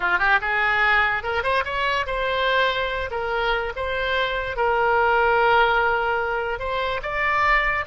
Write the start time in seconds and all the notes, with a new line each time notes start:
0.00 F4
0.18 G4
0.41 G#4
1.23 A#4
1.43 C5
1.64 C#5
2.06 C5
3.10 A#4
3.76 C5
4.56 A#4
6.59 C5
7.02 D5